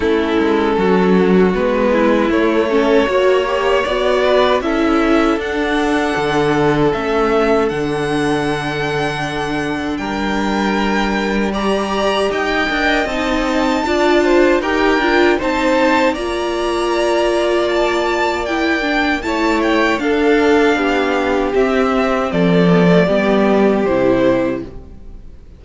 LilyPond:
<<
  \new Staff \with { instrumentName = "violin" } { \time 4/4 \tempo 4 = 78 a'2 b'4 cis''4~ | cis''4 d''4 e''4 fis''4~ | fis''4 e''4 fis''2~ | fis''4 g''2 ais''4 |
g''4 a''2 g''4 | a''4 ais''2 a''4 | g''4 a''8 g''8 f''2 | e''4 d''2 c''4 | }
  \new Staff \with { instrumentName = "violin" } { \time 4/4 e'4 fis'4. e'4 a'8 | cis''4. b'8 a'2~ | a'1~ | a'4 ais'2 d''4 |
dis''2 d''8 c''8 ais'4 | c''4 d''2.~ | d''4 cis''4 a'4 g'4~ | g'4 a'4 g'2 | }
  \new Staff \with { instrumentName = "viola" } { \time 4/4 cis'2 b4 a8 cis'8 | fis'8 g'8 fis'4 e'4 d'4~ | d'4 cis'4 d'2~ | d'2. g'4~ |
g'8 ais'8 dis'4 f'4 g'8 f'8 | dis'4 f'2. | e'8 d'8 e'4 d'2 | c'4. b16 a16 b4 e'4 | }
  \new Staff \with { instrumentName = "cello" } { \time 4/4 a8 gis8 fis4 gis4 a4 | ais4 b4 cis'4 d'4 | d4 a4 d2~ | d4 g2. |
dis'8 d'8 c'4 d'4 dis'8 d'8 | c'4 ais2.~ | ais4 a4 d'4 b4 | c'4 f4 g4 c4 | }
>>